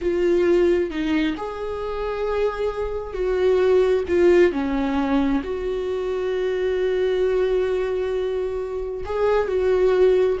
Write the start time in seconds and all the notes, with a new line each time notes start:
0.01 F4
0.90 D#4
1.37 G#4
3.13 F#4
4.08 F4
4.51 C#4
5.43 F#4
9.05 G#4
9.47 F#4